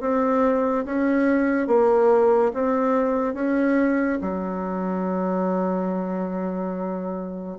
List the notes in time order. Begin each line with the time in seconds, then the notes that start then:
0.00 C4
0.85 C#4
1.67 A#3
2.54 C4
3.34 C#4
4.21 F#3